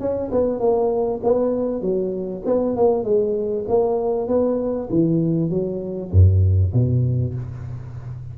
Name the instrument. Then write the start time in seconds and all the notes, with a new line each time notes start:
tuba
0.00 C#4
0.32 B3
0.60 A#3
1.24 B3
1.82 F#3
2.46 B3
2.76 A#3
3.04 G#3
3.68 A#3
4.28 B3
4.90 E3
5.50 F#3
6.12 F#2
6.73 B2